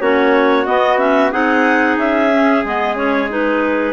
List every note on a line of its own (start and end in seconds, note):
0.00 0.66 A#3
0.00 0.66 C#4
0.00 1.32 F#4
0.00 0.66 C#5
0.66 0.98 B3
0.66 1.33 B3
0.66 0.98 D#5
0.98 1.31 C#4
0.98 1.31 E5
1.31 1.97 C4
1.31 2.30 D#4
1.31 3.93 G#4
1.31 1.98 F#5
1.97 2.63 C#4
1.97 2.64 E5
2.32 2.65 C#4
2.64 3.93 G#3
2.64 2.95 B3
2.64 2.96 D#5
2.95 3.28 C#4
2.95 3.29 C#5
3.29 3.93 D#4
3.29 3.93 B4